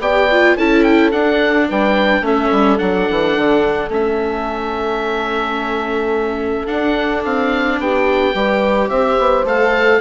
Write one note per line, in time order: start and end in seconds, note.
0.00 0.56 B3
0.00 0.29 G4
0.00 0.57 D5
0.00 0.57 G5
0.31 0.58 F4
0.57 1.13 C#4
0.57 1.12 E4
0.57 1.68 A4
0.57 0.83 A5
0.83 1.11 G5
1.12 2.23 D4
1.12 1.69 D4
1.12 1.67 F#5
1.69 2.21 G3
1.69 2.25 B4
1.69 2.26 G5
2.21 2.49 A3
2.21 2.78 C#4
2.21 7.81 A4
2.21 2.78 E5
2.52 2.79 G3
2.78 3.08 F#3
2.78 3.89 D4
2.78 3.89 F#5
3.10 3.36 E3
3.36 3.89 D3
3.89 6.67 A3
3.89 6.67 C#4
3.89 6.67 E5
6.67 8.34 D4
6.67 7.25 D4
6.67 7.23 F#5
7.25 7.79 C4
7.25 7.80 F5
7.79 8.34 B3
7.79 8.35 G4
7.79 8.89 G5
8.34 8.90 G3
8.34 9.46 G4
8.34 8.89 B4
8.89 9.18 C4
8.89 10.00 C5
8.89 9.45 E5
9.19 9.44 B3
9.44 10.00 A3
9.44 10.01 A4
9.44 10.01 F5